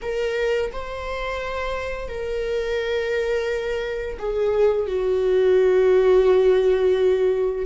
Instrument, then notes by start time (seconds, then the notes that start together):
viola
0.02 A#4
0.72 C5
2.08 A#4
4.19 G#4
4.86 F#4